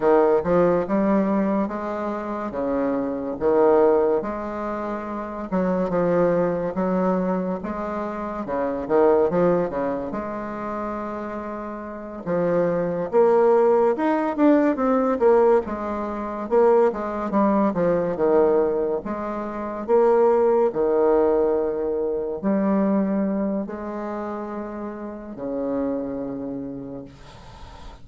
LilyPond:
\new Staff \with { instrumentName = "bassoon" } { \time 4/4 \tempo 4 = 71 dis8 f8 g4 gis4 cis4 | dis4 gis4. fis8 f4 | fis4 gis4 cis8 dis8 f8 cis8 | gis2~ gis8 f4 ais8~ |
ais8 dis'8 d'8 c'8 ais8 gis4 ais8 | gis8 g8 f8 dis4 gis4 ais8~ | ais8 dis2 g4. | gis2 cis2 | }